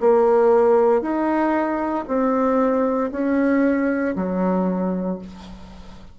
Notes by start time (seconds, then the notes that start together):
0.00 A#3
1.02 D#4
2.07 C4
3.12 C#4
4.16 F#3